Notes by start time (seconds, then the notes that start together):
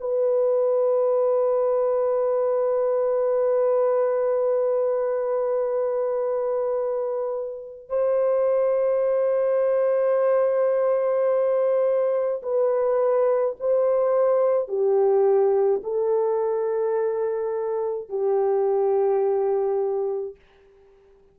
0.00 B4
7.89 C5
12.42 B4
13.60 C5
14.68 G4
15.83 A4
18.09 G4